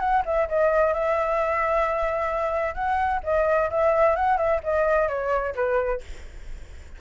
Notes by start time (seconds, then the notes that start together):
0.00 F#5
0.26 E5
0.49 D#5
0.94 E5
2.75 F#5
3.24 D#5
3.71 E5
4.16 F#5
4.38 E5
4.64 D#5
5.09 C#5
5.56 B4